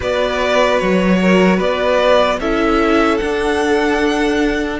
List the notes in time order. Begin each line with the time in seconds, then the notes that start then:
0.00 B3 F#4 B4 D5
0.79 F#3 C#5
1.21 A#4
1.57 B3 B4 D5
2.39 C#4 E4 A4 E5
3.17 D4 F#5